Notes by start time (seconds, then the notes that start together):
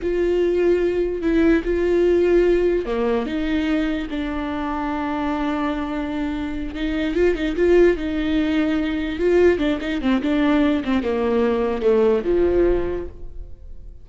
0.01 F4
1.22 E4
1.64 F4
2.85 A#3
3.26 D#4
4.10 D4
6.75 D#4
7.14 F4
7.35 D#4
7.56 F4
7.96 D#4
9.19 F4
9.58 D4
9.80 D#4
10.01 C4
10.22 D4
10.84 C4
11.02 A#3
11.82 A3
12.24 F3